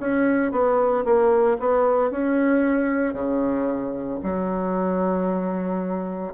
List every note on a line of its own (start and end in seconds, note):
0.00 0.52 C#4
0.52 1.05 B3
1.05 1.58 A#3
1.60 2.11 B3
2.11 3.14 C#4
3.14 4.19 C#3
4.23 6.34 F#3